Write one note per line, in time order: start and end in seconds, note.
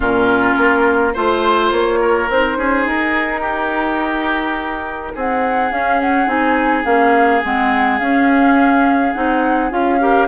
0.00 0.56 A#2
0.00 1.13 C#4
0.00 1.13 F4
0.00 1.15 A#4
0.57 1.14 A#3
1.13 1.71 A3
1.13 2.28 F4
1.13 1.98 C5
1.13 1.72 C5
1.71 2.28 A#3
1.71 2.29 C#5
2.00 2.57 A#4
2.28 2.57 C4
2.28 5.70 D#4
2.28 2.87 C5
2.57 2.85 C#4
2.57 3.41 G#4
2.85 5.13 D#4
2.85 5.16 A#4
3.41 5.12 G4
5.14 5.71 C4
5.14 10.00 G#4
5.14 5.72 F#5
5.70 6.26 C#4
5.70 6.27 C#4
5.70 6.00 F5
6.01 6.29 F#5
6.26 6.84 C4
6.26 6.84 D#4
6.26 6.85 G#5
6.85 7.42 A#3
6.85 7.42 C#4
6.85 7.42 F5
7.44 7.99 G#3
7.44 8.00 C4
7.44 7.99 F#5
7.99 9.14 C#4
7.99 9.13 F5
9.13 9.71 C4
9.13 9.70 D#4
9.13 9.70 F#5
9.70 10.27 C#4
9.70 9.98 F4
9.70 10.27 F5
9.99 10.27 G4
9.99 10.27 A#4